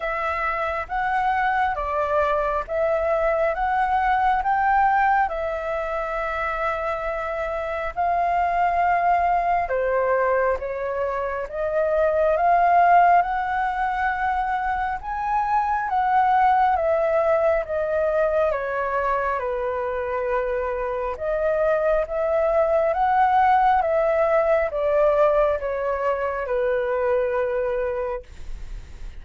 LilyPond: \new Staff \with { instrumentName = "flute" } { \time 4/4 \tempo 4 = 68 e''4 fis''4 d''4 e''4 | fis''4 g''4 e''2~ | e''4 f''2 c''4 | cis''4 dis''4 f''4 fis''4~ |
fis''4 gis''4 fis''4 e''4 | dis''4 cis''4 b'2 | dis''4 e''4 fis''4 e''4 | d''4 cis''4 b'2 | }